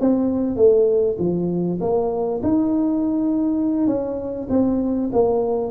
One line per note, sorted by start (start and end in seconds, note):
0.00 0.56 C4
0.56 1.17 A3
1.18 1.79 F3
1.80 2.41 A#3
2.43 3.87 D#4
3.87 4.47 C#4
4.49 5.10 C4
5.12 5.71 A#3